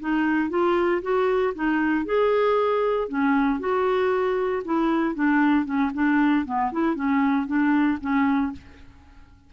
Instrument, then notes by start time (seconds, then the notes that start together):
clarinet
0.00 D#4
0.50 F4
1.02 F#4
1.55 D#4
2.05 G#4
3.08 C#4
3.59 F#4
4.65 E4
5.15 D4
5.65 C#4
5.94 D4
6.45 B3
6.72 E4
6.95 C#4
7.46 D4
8.00 C#4